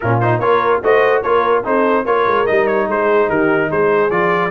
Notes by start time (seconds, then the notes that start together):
0.00 A#2 C#4 F4 A#4
0.20 D#4 C5
0.38 A#3 F4 A#4 C#5
0.82 A3 F#4 C5 D#5
1.22 A#3 F4 A#4 C#5
1.64 C4 D#4 A4 C5
2.04 A#3 F4 A#4 C#5
2.26 G#3
2.46 G3 D#4 D#5
2.67 C#5
2.87 G#3 G#4 C5
3.28 D#3 G4 A#4
3.71 G#3 G#4 C5
4.10 F3 F4 D5